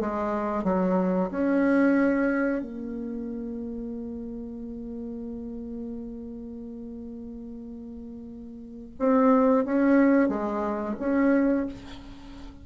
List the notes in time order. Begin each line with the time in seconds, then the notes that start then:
0.00 G#3
0.64 F#3
1.31 C#4
2.62 A#3
8.99 C4
9.65 C#4
10.28 G#3
11.00 C#4